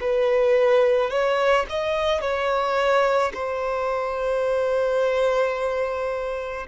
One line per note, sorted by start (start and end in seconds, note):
0.00 1.10 B4
1.10 1.65 C#5
1.69 2.21 D#5
2.21 3.32 C#5
3.33 6.67 C5